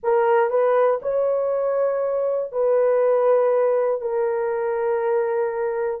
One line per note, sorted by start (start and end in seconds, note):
0.03 0.50 A#4
0.50 1.00 B4
1.01 2.51 C#5
2.51 4.01 B4
4.01 6.00 A#4